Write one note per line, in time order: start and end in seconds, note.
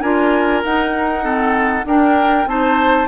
0.00 0.63 D4
0.00 0.64 F4
0.00 1.24 A#4
0.00 0.61 G#5
0.64 1.85 D#4
0.64 1.22 D#4
0.64 1.86 F#5
1.22 1.83 C4
1.22 1.85 A4
1.85 2.46 D4
1.85 2.47 D4
1.85 2.48 A#4
1.85 2.47 G5
2.46 3.07 C4
2.46 3.08 D#4
2.46 3.08 C5
2.46 3.08 A5